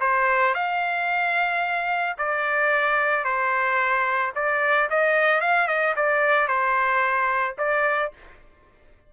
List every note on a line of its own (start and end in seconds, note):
0.00 0.54 C5
0.54 2.16 F5
2.18 3.24 D5
3.24 4.32 C5
4.35 4.89 D5
4.90 5.40 D#5
5.40 5.67 F5
5.67 5.94 D#5
5.96 6.47 D5
6.47 7.55 C5
7.58 8.12 D5